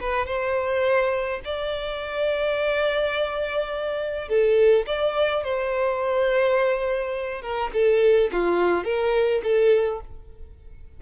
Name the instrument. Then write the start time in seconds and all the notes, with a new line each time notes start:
violin
0.00 B4
0.26 C5
1.44 D5
4.28 A4
4.86 D5
5.44 C5
7.42 A#4
7.73 A4
8.32 F4
8.84 A#4
9.43 A4